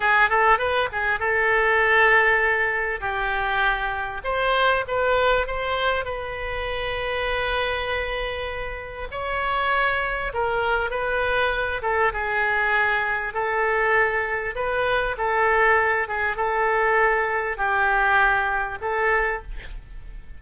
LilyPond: \new Staff \with { instrumentName = "oboe" } { \time 4/4 \tempo 4 = 99 gis'8 a'8 b'8 gis'8 a'2~ | a'4 g'2 c''4 | b'4 c''4 b'2~ | b'2. cis''4~ |
cis''4 ais'4 b'4. a'8 | gis'2 a'2 | b'4 a'4. gis'8 a'4~ | a'4 g'2 a'4 | }